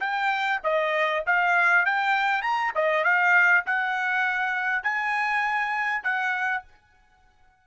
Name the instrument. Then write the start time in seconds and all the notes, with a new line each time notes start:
trumpet
0.00 G5
0.64 D#5
1.27 F5
1.86 G5
2.42 A#5
2.75 D#5
3.04 F5
3.66 F#5
4.84 G#5
6.03 F#5